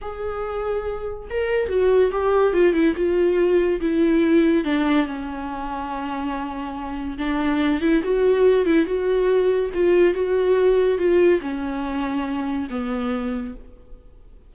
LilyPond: \new Staff \with { instrumentName = "viola" } { \time 4/4 \tempo 4 = 142 gis'2. ais'4 | fis'4 g'4 f'8 e'8 f'4~ | f'4 e'2 d'4 | cis'1~ |
cis'4 d'4. e'8 fis'4~ | fis'8 e'8 fis'2 f'4 | fis'2 f'4 cis'4~ | cis'2 b2 | }